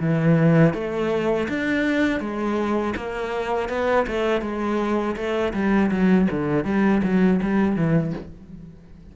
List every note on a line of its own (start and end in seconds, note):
0.00 0.74 E3
0.74 1.48 A3
1.48 2.20 D4
2.20 2.94 G#3
2.96 3.69 A#3
3.69 4.06 B3
4.07 4.41 A3
4.41 5.15 G#3
5.16 5.53 A3
5.54 5.91 G3
5.91 6.28 F#3
6.31 6.65 D3
6.65 7.02 G3
7.03 7.40 F#3
7.42 7.76 G3
7.76 8.13 E3